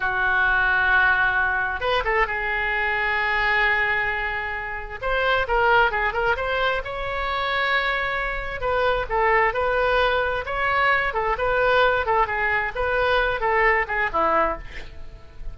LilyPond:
\new Staff \with { instrumentName = "oboe" } { \time 4/4 \tempo 4 = 132 fis'1 | b'8 a'8 gis'2.~ | gis'2. c''4 | ais'4 gis'8 ais'8 c''4 cis''4~ |
cis''2. b'4 | a'4 b'2 cis''4~ | cis''8 a'8 b'4. a'8 gis'4 | b'4. a'4 gis'8 e'4 | }